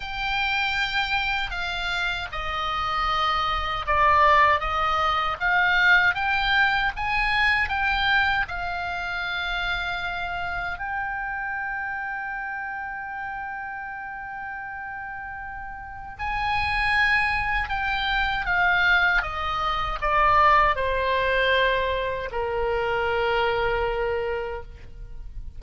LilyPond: \new Staff \with { instrumentName = "oboe" } { \time 4/4 \tempo 4 = 78 g''2 f''4 dis''4~ | dis''4 d''4 dis''4 f''4 | g''4 gis''4 g''4 f''4~ | f''2 g''2~ |
g''1~ | g''4 gis''2 g''4 | f''4 dis''4 d''4 c''4~ | c''4 ais'2. | }